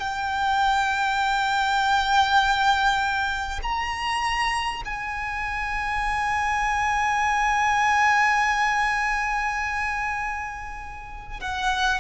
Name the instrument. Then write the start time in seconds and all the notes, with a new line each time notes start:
violin
0.00 G5
3.63 A#5
4.85 G#5
11.41 F#5